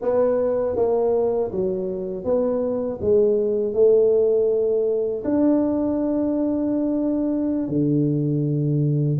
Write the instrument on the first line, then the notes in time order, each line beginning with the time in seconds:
tuba
0.01 B3
0.76 A#3
1.51 F#3
2.24 B3
3.01 G#3
3.73 A3
5.24 D4
7.68 D3